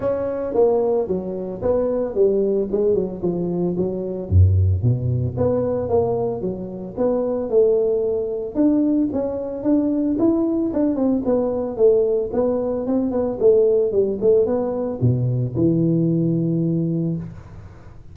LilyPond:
\new Staff \with { instrumentName = "tuba" } { \time 4/4 \tempo 4 = 112 cis'4 ais4 fis4 b4 | g4 gis8 fis8 f4 fis4 | fis,4 b,4 b4 ais4 | fis4 b4 a2 |
d'4 cis'4 d'4 e'4 | d'8 c'8 b4 a4 b4 | c'8 b8 a4 g8 a8 b4 | b,4 e2. | }